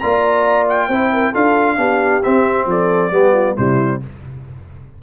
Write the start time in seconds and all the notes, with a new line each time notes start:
0.00 A#3 F4 D5 A#5
0.69 G5
0.88 C4 E4 C5
1.13 A#4
1.32 D4 F4 A4 F5
1.78 B3 D4 G4
2.23 C4 E5
2.66 F3 A4 D5
3.11 G3 B3 G4
3.34 F4
3.56 C3 G3 E4 C5